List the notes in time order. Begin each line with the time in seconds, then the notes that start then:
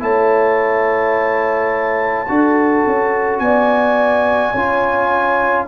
0.00 A3 E4 C#5 A5
2.28 D4 F#4 A4
2.86 C#4
3.38 B3 D5 G#5
4.52 C#4 F4 C#5